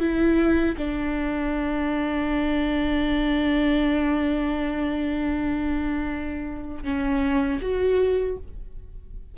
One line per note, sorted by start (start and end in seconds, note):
0.00 0.76 E4
0.77 6.84 D4
6.84 7.60 C#4
7.62 8.38 F#4